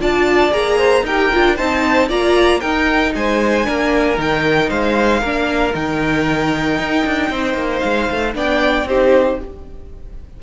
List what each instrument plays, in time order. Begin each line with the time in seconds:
0.00 cello D4, viola F4, violin D5 A5
0.51 cello A#3, viola G#4, violin A#5
0.77 violin C5
1.02 cello D#4, viola G4, violin A#4 G5
1.32 cello D4, viola F4
1.55 cello C4, viola D#4, violin C5 A5
2.08 cello A#3, viola F4, violin D5 A#5
2.59 viola D#4, cello D#4, violin A#4 G5
3.15 cello G#3, violin C5 G#5
3.64 cello A#3, viola D4, violin A#4
4.16 cello D#3, viola D#4, violin G5
4.69 cello G#3, violin C5 F5
5.20 cello A#3, viola D4, violin A#4
5.73 cello D#3, viola D#4, violin G5
6.78 cello D#4
7.06 cello D4
7.29 cello C4, violin C5
7.54 cello A#3
7.79 cello G#3, violin F5
8.10 cello A3
8.34 cello B3, viola D4, violin D5 G5
8.84 cello C4, viola D#4, violin G4 C5